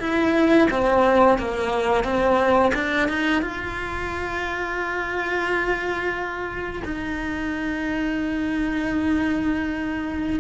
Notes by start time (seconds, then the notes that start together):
0.00 E4
0.71 C4
1.38 A#3
2.04 C4
2.74 D4
3.09 D#4
3.42 F4
6.85 D#4